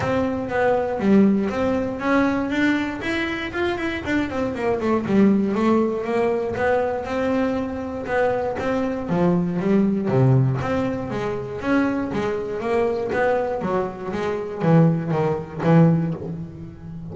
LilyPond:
\new Staff \with { instrumentName = "double bass" } { \time 4/4 \tempo 4 = 119 c'4 b4 g4 c'4 | cis'4 d'4 e'4 f'8 e'8 | d'8 c'8 ais8 a8 g4 a4 | ais4 b4 c'2 |
b4 c'4 f4 g4 | c4 c'4 gis4 cis'4 | gis4 ais4 b4 fis4 | gis4 e4 dis4 e4 | }